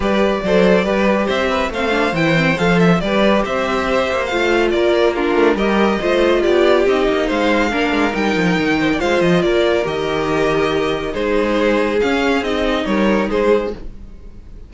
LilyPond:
<<
  \new Staff \with { instrumentName = "violin" } { \time 4/4 \tempo 4 = 140 d''2. e''4 | f''4 g''4 f''8 e''8 d''4 | e''2 f''4 d''4 | ais'4 dis''2 d''4 |
dis''4 f''2 g''4~ | g''4 f''8 dis''8 d''4 dis''4~ | dis''2 c''2 | f''4 dis''4 cis''4 c''4 | }
  \new Staff \with { instrumentName = "violin" } { \time 4/4 b'4 c''4 b'4 c''8 b'8 | c''2. b'4 | c''2. ais'4 | f'4 ais'4 c''4 g'4~ |
g'4 c''4 ais'2~ | ais'8 c''16 d''16 c''4 ais'2~ | ais'2 gis'2~ | gis'2 ais'4 gis'4 | }
  \new Staff \with { instrumentName = "viola" } { \time 4/4 g'4 a'4 g'2 | c'8 d'8 e'8 c'8 a'4 g'4~ | g'2 f'2 | d'4 g'4 f'2 |
dis'2 d'4 dis'4~ | dis'4 f'2 g'4~ | g'2 dis'2 | cis'4 dis'2. | }
  \new Staff \with { instrumentName = "cello" } { \time 4/4 g4 fis4 g4 c'4 | a4 e4 f4 g4 | c'4. ais8 a4 ais4~ | ais8 a8 g4 a4 b4 |
c'8 ais8 gis4 ais8 gis8 g8 f8 | dis4 gis8 f8 ais4 dis4~ | dis2 gis2 | cis'4 c'4 g4 gis4 | }
>>